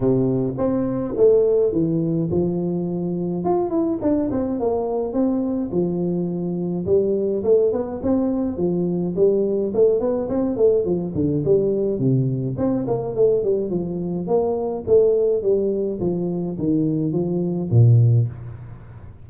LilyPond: \new Staff \with { instrumentName = "tuba" } { \time 4/4 \tempo 4 = 105 c4 c'4 a4 e4 | f2 f'8 e'8 d'8 c'8 | ais4 c'4 f2 | g4 a8 b8 c'4 f4 |
g4 a8 b8 c'8 a8 f8 d8 | g4 c4 c'8 ais8 a8 g8 | f4 ais4 a4 g4 | f4 dis4 f4 ais,4 | }